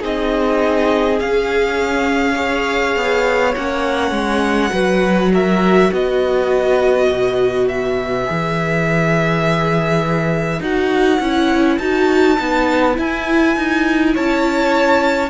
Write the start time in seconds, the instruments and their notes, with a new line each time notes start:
0.00 cello C4, viola D#4, violin G#4 D#5
1.20 cello C#4, viola C#4, violin F5
2.36 viola G#4, violin C#5
2.96 cello B3
3.56 cello A#3, viola C#4, violin F#5
4.11 cello G#3
4.70 cello F#3, viola F#4, violin B4
5.34 violin A#4 E5
5.90 cello B3, violin B4 D#5
7.10 cello B2
7.68 violin E5
8.26 cello E3, viola G#4
10.61 cello D#4, viola F#4, violin F#5
11.20 cello C#4, viola E4
11.79 cello D#4, viola F#4, violin A5
12.37 cello B3, viola D#4
12.93 viola E4, cello E4
13.00 violin G#5
13.57 cello D#4
14.14 cello C#4, violin C#5 A5